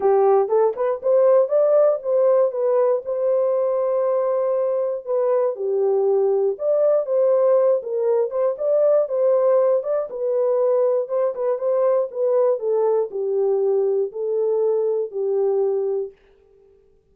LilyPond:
\new Staff \with { instrumentName = "horn" } { \time 4/4 \tempo 4 = 119 g'4 a'8 b'8 c''4 d''4 | c''4 b'4 c''2~ | c''2 b'4 g'4~ | g'4 d''4 c''4. ais'8~ |
ais'8 c''8 d''4 c''4. d''8 | b'2 c''8 b'8 c''4 | b'4 a'4 g'2 | a'2 g'2 | }